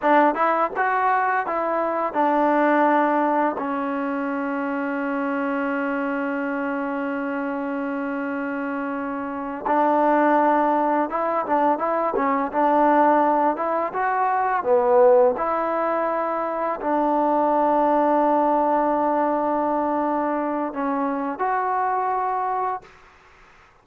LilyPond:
\new Staff \with { instrumentName = "trombone" } { \time 4/4 \tempo 4 = 84 d'8 e'8 fis'4 e'4 d'4~ | d'4 cis'2.~ | cis'1~ | cis'4. d'2 e'8 |
d'8 e'8 cis'8 d'4. e'8 fis'8~ | fis'8 b4 e'2 d'8~ | d'1~ | d'4 cis'4 fis'2 | }